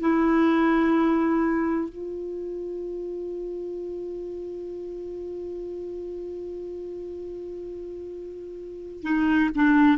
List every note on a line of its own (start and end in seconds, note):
0.00 1.89 E4
1.89 9.02 F4
9.02 9.50 D#4
9.55 9.97 D4